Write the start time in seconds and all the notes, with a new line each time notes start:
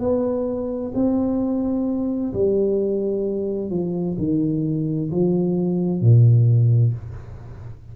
0.00 B3
0.95 C4
2.34 G3
3.70 F3
4.18 D#3
5.11 F3
6.01 A#2